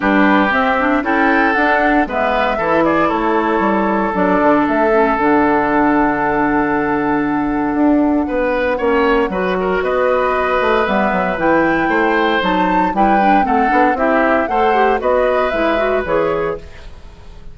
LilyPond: <<
  \new Staff \with { instrumentName = "flute" } { \time 4/4 \tempo 4 = 116 b'4 e''4 g''4 fis''4 | e''4. d''8 cis''2 | d''4 e''4 fis''2~ | fis''1~ |
fis''2. dis''4~ | dis''4 e''4 g''2 | a''4 g''4 fis''4 e''4 | fis''4 dis''4 e''4 cis''4 | }
  \new Staff \with { instrumentName = "oboe" } { \time 4/4 g'2 a'2 | b'4 a'8 gis'8 a'2~ | a'1~ | a'1 |
b'4 cis''4 b'8 ais'8 b'4~ | b'2. c''4~ | c''4 b'4 a'4 g'4 | c''4 b'2. | }
  \new Staff \with { instrumentName = "clarinet" } { \time 4/4 d'4 c'8 d'8 e'4 d'4 | b4 e'2. | d'4. cis'8 d'2~ | d'1~ |
d'4 cis'4 fis'2~ | fis'4 b4 e'2 | dis'4 e'8 d'8 c'8 d'8 e'4 | a'8 g'8 fis'4 e'8 fis'8 gis'4 | }
  \new Staff \with { instrumentName = "bassoon" } { \time 4/4 g4 c'4 cis'4 d'4 | gis4 e4 a4 g4 | fis8 d8 a4 d2~ | d2. d'4 |
b4 ais4 fis4 b4~ | b8 a8 g8 fis8 e4 a4 | fis4 g4 a8 b8 c'4 | a4 b4 gis4 e4 | }
>>